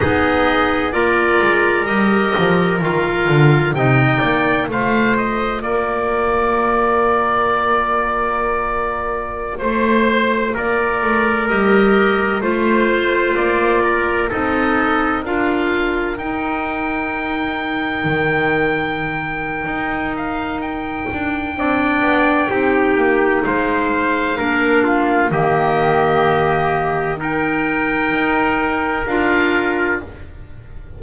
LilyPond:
<<
  \new Staff \with { instrumentName = "oboe" } { \time 4/4 \tempo 4 = 64 dis''4 d''4 dis''4 f''4 | g''4 f''8 dis''8 d''2~ | d''2~ d''16 c''4 d''8.~ | d''16 dis''4 c''4 d''4 dis''8.~ |
dis''16 f''4 g''2~ g''8.~ | g''4. f''8 g''2~ | g''4 f''2 dis''4~ | dis''4 g''2 f''4 | }
  \new Staff \with { instrumentName = "trumpet" } { \time 4/4 gis'4 ais'2. | dis''8 d''8 c''4 ais'2~ | ais'2~ ais'16 c''4 ais'8.~ | ais'4~ ais'16 c''4. ais'8 a'8.~ |
a'16 ais'2.~ ais'8.~ | ais'2. d''4 | g'4 c''4 ais'8 f'8 g'4~ | g'4 ais'2. | }
  \new Staff \with { instrumentName = "clarinet" } { \time 4/4 dis'4 f'4 g'4 f'4 | dis'4 f'2.~ | f'1~ | f'16 g'4 f'2 dis'8.~ |
dis'16 f'4 dis'2~ dis'8.~ | dis'2. d'4 | dis'2 d'4 ais4~ | ais4 dis'2 f'4 | }
  \new Staff \with { instrumentName = "double bass" } { \time 4/4 b4 ais8 gis8 g8 f8 dis8 d8 | c8 ais8 a4 ais2~ | ais2~ ais16 a4 ais8 a16~ | a16 g4 a4 ais4 c'8.~ |
c'16 d'4 dis'2 dis8.~ | dis4 dis'4. d'8 c'8 b8 | c'8 ais8 gis4 ais4 dis4~ | dis2 dis'4 d'4 | }
>>